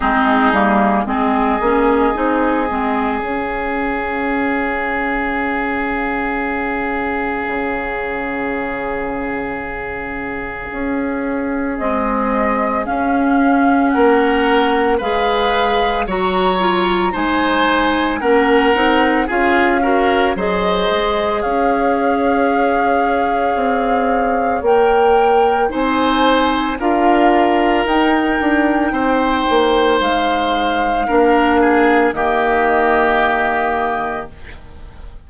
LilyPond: <<
  \new Staff \with { instrumentName = "flute" } { \time 4/4 \tempo 4 = 56 gis'4 dis''2 f''4~ | f''1~ | f''2. dis''4 | f''4 fis''4 f''4 ais''4 |
gis''4 fis''4 f''4 dis''4 | f''2. g''4 | gis''4 f''4 g''2 | f''2 dis''2 | }
  \new Staff \with { instrumentName = "oboe" } { \time 4/4 dis'4 gis'2.~ | gis'1~ | gis'1~ | gis'4 ais'4 b'4 cis''4 |
c''4 ais'4 gis'8 ais'8 c''4 | cis''1 | c''4 ais'2 c''4~ | c''4 ais'8 gis'8 g'2 | }
  \new Staff \with { instrumentName = "clarinet" } { \time 4/4 c'8 ais8 c'8 cis'8 dis'8 c'8 cis'4~ | cis'1~ | cis'2. gis4 | cis'2 gis'4 fis'8 f'8 |
dis'4 cis'8 dis'8 f'8 fis'8 gis'4~ | gis'2. ais'4 | dis'4 f'4 dis'2~ | dis'4 d'4 ais2 | }
  \new Staff \with { instrumentName = "bassoon" } { \time 4/4 gis8 g8 gis8 ais8 c'8 gis8 cis'4~ | cis'2. cis4~ | cis2 cis'4 c'4 | cis'4 ais4 gis4 fis4 |
gis4 ais8 c'8 cis'4 fis8 gis8 | cis'2 c'4 ais4 | c'4 d'4 dis'8 d'8 c'8 ais8 | gis4 ais4 dis2 | }
>>